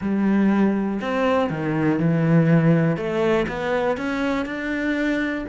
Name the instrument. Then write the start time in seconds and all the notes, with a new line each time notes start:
cello
0.01 G3
1.01 C4
1.50 D#3
1.99 E3
2.97 A3
3.48 B3
3.97 C#4
4.45 D4